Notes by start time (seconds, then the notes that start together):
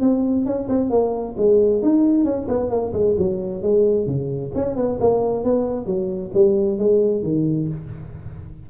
0.00 C4
0.45 C#4
0.69 C4
0.90 A#3
1.37 G#3
1.82 D#4
2.24 C#4
2.48 B3
2.70 A#3
2.93 G#3
3.18 F#3
3.62 G#3
4.06 C#3
4.54 C#4
4.76 B3
5.00 A#3
5.44 B3
5.86 F#3
6.34 G3
6.78 G#3
7.23 D#3